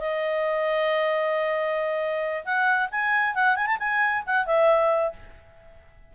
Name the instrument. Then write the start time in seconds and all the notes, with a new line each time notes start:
clarinet
0.00 D#5
2.45 F#5
2.92 G#5
3.35 F#5
3.57 G#5
3.67 A5
3.80 G#5
4.27 F#5
4.46 E5